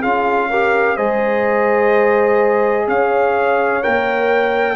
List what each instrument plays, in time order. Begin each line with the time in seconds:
0.00 tuba C#4, trombone F4, horn G#4, trumpet F5
0.50 trombone G4, horn A#4
0.96 tuba G#3, trombone G#4, horn C5, trumpet D#5
2.88 tuba C#4, horn C#5, trumpet F5
3.83 tuba A#3, trombone A#4, trumpet G5